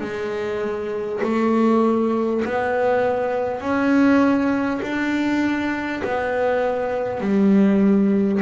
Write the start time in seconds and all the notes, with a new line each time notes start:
0.00 G#3
1.23 A3
2.45 B3
3.60 C#4
4.82 D4
6.03 B3
7.20 G3